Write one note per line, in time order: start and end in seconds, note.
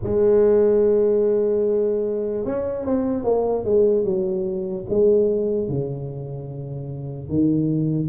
0.03 2.45 G#3
2.45 2.85 C#4
2.85 3.24 C4
3.24 3.64 A#3
3.64 4.04 G#3
4.04 4.85 F#3
4.89 5.68 G#3
5.68 7.29 C#3
7.29 8.08 D#3